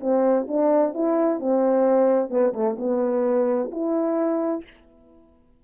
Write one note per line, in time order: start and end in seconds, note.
0.00 0.46 C4
0.48 0.94 D4
0.94 1.40 E4
1.40 2.30 C4
2.30 2.53 B3
2.53 2.77 A3
2.78 3.70 B3
3.71 4.64 E4